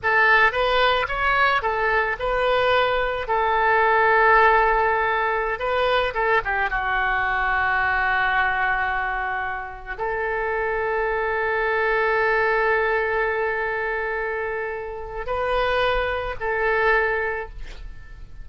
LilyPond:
\new Staff \with { instrumentName = "oboe" } { \time 4/4 \tempo 4 = 110 a'4 b'4 cis''4 a'4 | b'2 a'2~ | a'2~ a'16 b'4 a'8 g'16~ | g'16 fis'2.~ fis'8.~ |
fis'2~ fis'16 a'4.~ a'16~ | a'1~ | a'1 | b'2 a'2 | }